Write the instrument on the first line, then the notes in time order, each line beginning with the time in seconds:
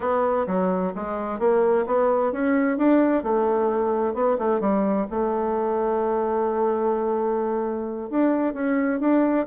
bassoon
0.00 B3
0.46 F#3
0.95 G#3
1.39 A#3
1.86 B3
2.32 C#4
2.77 D4
3.23 A3
4.14 B3
4.38 A3
4.60 G3
5.10 A3
8.09 D4
8.53 C#4
9.00 D4